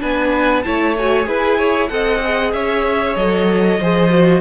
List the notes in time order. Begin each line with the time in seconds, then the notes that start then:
0.00 B3 D4 B4 G#5
0.63 A3 E4 C#5 A5
0.97 F#4 G#5
1.24 E4 G#4 B4
1.58 C#5
1.88 C4 A4 D#5 F#5
2.24 G#4
2.53 C#4 C#5 E5
3.16 F#3 A4 D#5
3.80 F3 G#4 C5
4.10 F#4